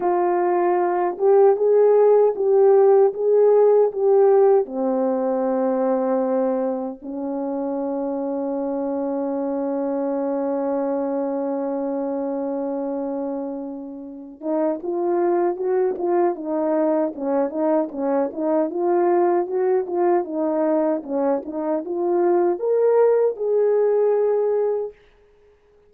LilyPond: \new Staff \with { instrumentName = "horn" } { \time 4/4 \tempo 4 = 77 f'4. g'8 gis'4 g'4 | gis'4 g'4 c'2~ | c'4 cis'2.~ | cis'1~ |
cis'2~ cis'8 dis'8 f'4 | fis'8 f'8 dis'4 cis'8 dis'8 cis'8 dis'8 | f'4 fis'8 f'8 dis'4 cis'8 dis'8 | f'4 ais'4 gis'2 | }